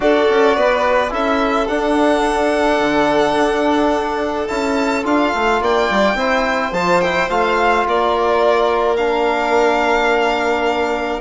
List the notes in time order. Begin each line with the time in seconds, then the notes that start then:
0.00 D4 F#4 A4 D5
0.29 C#4
0.56 B3 B4
1.09 C#4 E4 A4 E5
1.67 D4 F#5
2.79 D3
3.35 D4
4.47 C#4 E4 A5
5.04 D4 F4 F5
5.34 A3
5.61 A#3 D5 G5
5.90 G3
6.14 C4 E4 C5
6.71 F3 F4 A5
7.00 E4 G5
7.29 A3 F4 F5
7.87 A#3 A#4 D5
8.96 D4 F5